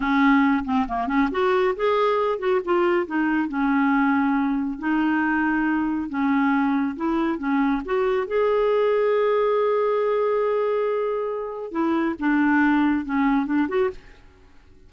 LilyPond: \new Staff \with { instrumentName = "clarinet" } { \time 4/4 \tempo 4 = 138 cis'4. c'8 ais8 cis'8 fis'4 | gis'4. fis'8 f'4 dis'4 | cis'2. dis'4~ | dis'2 cis'2 |
e'4 cis'4 fis'4 gis'4~ | gis'1~ | gis'2. e'4 | d'2 cis'4 d'8 fis'8 | }